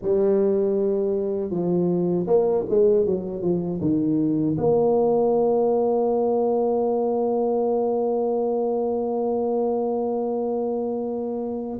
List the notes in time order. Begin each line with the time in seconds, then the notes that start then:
0.02 G3
1.50 F3
2.26 A#3
2.69 G#3
3.05 F#3
3.42 F3
3.80 D#3
4.57 A#3